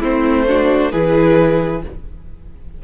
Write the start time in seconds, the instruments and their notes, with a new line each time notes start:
0.00 cello A3, viola C4, violin E4 C5
0.48 viola D4, violin F#4
0.91 cello E3, viola E4, violin G#4 B4